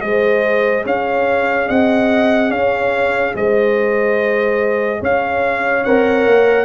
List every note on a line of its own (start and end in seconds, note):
0.00 0.85 G#3
0.00 5.83 G#4
0.00 0.85 C5
0.00 0.84 D#5
0.85 1.69 C#4
0.85 1.68 C#5
0.85 1.69 F5
1.68 2.51 C4
1.68 2.51 D#5
1.68 2.51 F#5
2.51 3.34 C#4
2.51 3.34 C#5
2.51 3.35 F5
3.35 5.02 G#3
3.35 5.01 C5
3.35 5.03 D#5
5.01 5.85 C#4
5.01 6.65 C#5
5.01 5.84 F5
5.84 6.27 C4
5.84 6.65 A#4
5.84 6.65 F#5
6.27 6.65 A#3